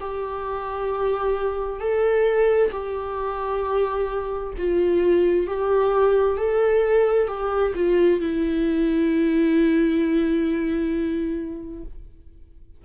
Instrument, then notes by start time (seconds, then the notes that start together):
viola
0.00 G4
1.80 A4
2.71 G4
4.57 F4
5.47 G4
6.37 A4
7.28 G4
7.75 F4
8.20 E4